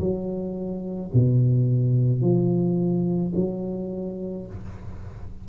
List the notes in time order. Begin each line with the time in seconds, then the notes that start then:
0.00 F#3
1.14 B2
2.22 F3
3.36 F#3